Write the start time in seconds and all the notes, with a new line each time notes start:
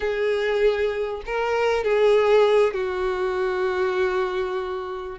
0.00 G#4
1.26 A#4
1.84 G#4
2.73 F#4